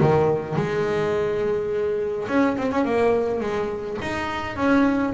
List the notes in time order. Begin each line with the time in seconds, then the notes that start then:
0.00 D#3
0.56 G#3
2.28 C#4
2.57 C4
2.71 C#4
2.85 A#3
3.40 G#3
4.02 D#4
4.56 C#4